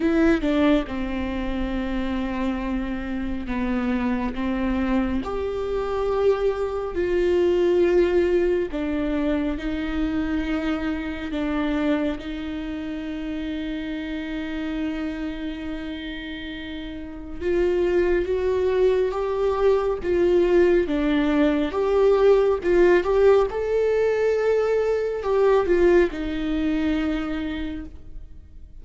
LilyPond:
\new Staff \with { instrumentName = "viola" } { \time 4/4 \tempo 4 = 69 e'8 d'8 c'2. | b4 c'4 g'2 | f'2 d'4 dis'4~ | dis'4 d'4 dis'2~ |
dis'1 | f'4 fis'4 g'4 f'4 | d'4 g'4 f'8 g'8 a'4~ | a'4 g'8 f'8 dis'2 | }